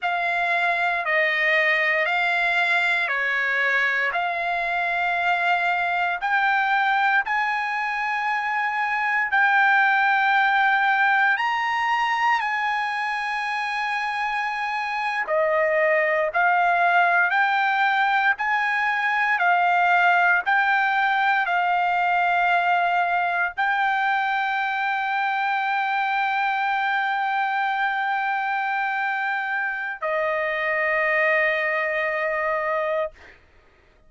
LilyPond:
\new Staff \with { instrumentName = "trumpet" } { \time 4/4 \tempo 4 = 58 f''4 dis''4 f''4 cis''4 | f''2 g''4 gis''4~ | gis''4 g''2 ais''4 | gis''2~ gis''8. dis''4 f''16~ |
f''8. g''4 gis''4 f''4 g''16~ | g''8. f''2 g''4~ g''16~ | g''1~ | g''4 dis''2. | }